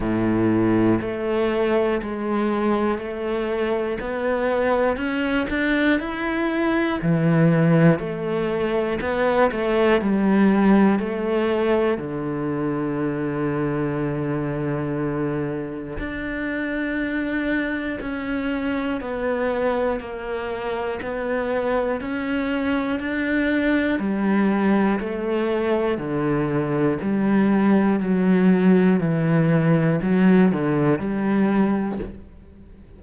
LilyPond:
\new Staff \with { instrumentName = "cello" } { \time 4/4 \tempo 4 = 60 a,4 a4 gis4 a4 | b4 cis'8 d'8 e'4 e4 | a4 b8 a8 g4 a4 | d1 |
d'2 cis'4 b4 | ais4 b4 cis'4 d'4 | g4 a4 d4 g4 | fis4 e4 fis8 d8 g4 | }